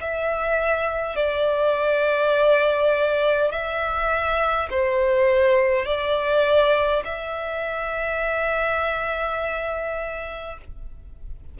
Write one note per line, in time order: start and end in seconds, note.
0.00 1.16 E5
1.16 3.51 D5
3.51 4.68 E5
4.70 5.85 C5
5.85 7.03 D5
7.04 10.57 E5